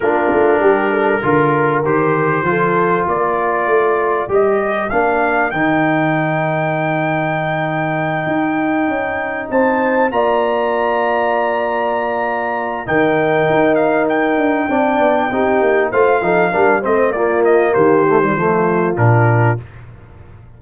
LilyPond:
<<
  \new Staff \with { instrumentName = "trumpet" } { \time 4/4 \tempo 4 = 98 ais'2. c''4~ | c''4 d''2 dis''4 | f''4 g''2.~ | g''2.~ g''8 a''8~ |
a''8 ais''2.~ ais''8~ | ais''4 g''4. f''8 g''4~ | g''2 f''4. dis''8 | d''8 dis''8 c''2 ais'4 | }
  \new Staff \with { instrumentName = "horn" } { \time 4/4 f'4 g'8 a'8 ais'2 | a'4 ais'2.~ | ais'1~ | ais'2.~ ais'8 c''8~ |
c''8 d''2.~ d''8~ | d''4 ais'2. | d''4 g'4 c''8 a'8 ais'8 c''8 | f'4 g'4 f'2 | }
  \new Staff \with { instrumentName = "trombone" } { \time 4/4 d'2 f'4 g'4 | f'2. g'4 | d'4 dis'2.~ | dis'1~ |
dis'8 f'2.~ f'8~ | f'4 dis'2. | d'4 dis'4 f'8 dis'8 d'8 c'8 | ais4. a16 g16 a4 d'4 | }
  \new Staff \with { instrumentName = "tuba" } { \time 4/4 ais8 a8 g4 d4 dis4 | f4 ais4 a4 g4 | ais4 dis2.~ | dis4. dis'4 cis'4 c'8~ |
c'8 ais2.~ ais8~ | ais4 dis4 dis'4. d'8 | c'8 b8 c'8 ais8 a8 f8 g8 a8 | ais4 dis4 f4 ais,4 | }
>>